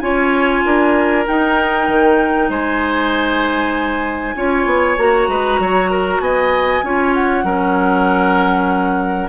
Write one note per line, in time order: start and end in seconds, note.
0.00 0.64 C#4
0.00 1.26 F4
0.00 0.65 C#5
0.00 1.24 G#5
0.65 1.27 D4
0.65 2.50 A#4
1.26 4.36 D#4
1.26 1.88 D#4
1.26 2.51 G5
1.88 2.49 D#3
2.49 4.35 G#3
2.49 4.36 C5
2.49 5.00 G#5
4.36 4.66 C#4
4.36 4.97 F4
4.36 5.29 C#5
4.66 4.97 B3
4.97 5.28 A#3
4.97 6.83 F#4
4.97 6.21 A#5
5.28 5.59 G#3
5.28 5.61 B4
5.59 6.20 F#3
5.59 5.91 C#5
5.91 6.22 A#4
6.20 6.82 B3
6.20 6.85 D#5
6.20 7.14 G#5
6.83 7.44 C#4
6.83 7.45 F4
6.83 7.45 C#5
7.14 9.29 F#5
7.44 9.29 F#3
7.44 9.29 C#4
7.44 9.29 A#4